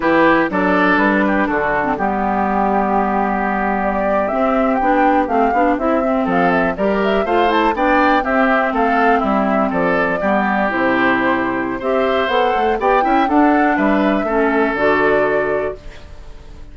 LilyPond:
<<
  \new Staff \with { instrumentName = "flute" } { \time 4/4 \tempo 4 = 122 b'4 d''4 b'4 a'4 | g'2.~ g'8. d''16~ | d''8. e''4 g''4 f''4 e''16~ | e''8. f''8 e''8 d''8 e''8 f''8 a''8 g''16~ |
g''8. e''4 f''4 e''4 d''16~ | d''4.~ d''16 c''2~ c''16 | e''4 fis''4 g''4 fis''4 | e''2 d''2 | }
  \new Staff \with { instrumentName = "oboe" } { \time 4/4 g'4 a'4. g'8 fis'4 | g'1~ | g'1~ | g'8. a'4 ais'4 c''4 d''16~ |
d''8. g'4 a'4 e'4 a'16~ | a'8. g'2.~ g'16 | c''2 d''8 e''8 a'4 | b'4 a'2. | }
  \new Staff \with { instrumentName = "clarinet" } { \time 4/4 e'4 d'2~ d'8. c'16 | b1~ | b8. c'4 d'4 c'8 d'8 e'16~ | e'16 c'4. g'4 f'8 e'8 d'16~ |
d'8. c'2.~ c'16~ | c'8. b4 e'2~ e'16 | g'4 a'4 g'8 e'8 d'4~ | d'4 cis'4 fis'2 | }
  \new Staff \with { instrumentName = "bassoon" } { \time 4/4 e4 fis4 g4 d4 | g1~ | g8. c'4 b4 a8 b8 c'16~ | c'8. f4 g4 a4 b16~ |
b8. c'4 a4 g4 f16~ | f8. g4 c2~ c16 | c'4 b8 a8 b8 cis'8 d'4 | g4 a4 d2 | }
>>